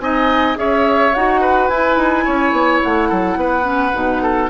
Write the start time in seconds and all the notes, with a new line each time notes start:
0.00 C4 D#4 D#5 G#5
0.55 C#4 G#4 C#5 E5
1.14 D#4 F#4 F#5
1.41 B4
1.67 E4 G#5
1.96 D#4
2.25 C#4 C#5
2.52 B3
2.83 A3 F#5
3.09 F#3 A4
3.36 B3 B4
3.63 C#4
3.93 B2 D#4
4.22 A4